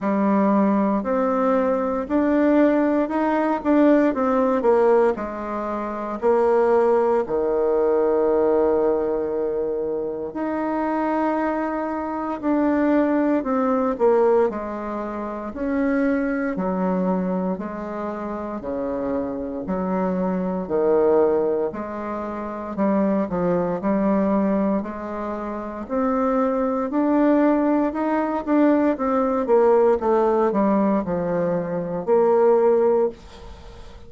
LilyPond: \new Staff \with { instrumentName = "bassoon" } { \time 4/4 \tempo 4 = 58 g4 c'4 d'4 dis'8 d'8 | c'8 ais8 gis4 ais4 dis4~ | dis2 dis'2 | d'4 c'8 ais8 gis4 cis'4 |
fis4 gis4 cis4 fis4 | dis4 gis4 g8 f8 g4 | gis4 c'4 d'4 dis'8 d'8 | c'8 ais8 a8 g8 f4 ais4 | }